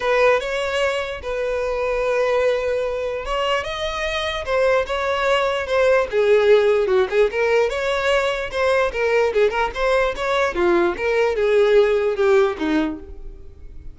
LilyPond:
\new Staff \with { instrumentName = "violin" } { \time 4/4 \tempo 4 = 148 b'4 cis''2 b'4~ | b'1 | cis''4 dis''2 c''4 | cis''2 c''4 gis'4~ |
gis'4 fis'8 gis'8 ais'4 cis''4~ | cis''4 c''4 ais'4 gis'8 ais'8 | c''4 cis''4 f'4 ais'4 | gis'2 g'4 dis'4 | }